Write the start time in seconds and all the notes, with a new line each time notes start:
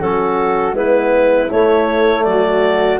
0.00 F#3 C#4 F#4 A4
0.73 G#3 B3 E4 B4
1.51 A3 C#5
2.24 F#3 F#4 D5